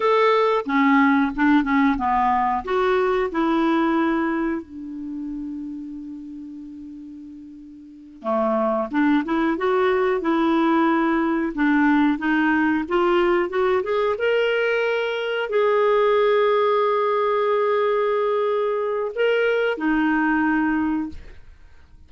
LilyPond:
\new Staff \with { instrumentName = "clarinet" } { \time 4/4 \tempo 4 = 91 a'4 cis'4 d'8 cis'8 b4 | fis'4 e'2 d'4~ | d'1~ | d'8 a4 d'8 e'8 fis'4 e'8~ |
e'4. d'4 dis'4 f'8~ | f'8 fis'8 gis'8 ais'2 gis'8~ | gis'1~ | gis'4 ais'4 dis'2 | }